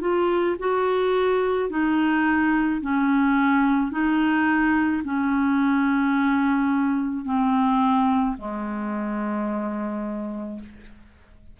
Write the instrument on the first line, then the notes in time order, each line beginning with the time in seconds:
clarinet
0.00 F4
0.59 F#4
1.70 D#4
2.81 C#4
3.91 D#4
5.04 C#4
7.25 C4
8.37 G#3